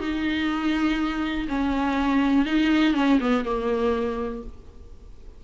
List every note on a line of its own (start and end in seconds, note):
0.00 1.48 D#4
1.48 2.45 C#4
2.45 2.94 D#4
2.94 3.19 C#4
3.20 3.44 B3
3.44 4.43 A#3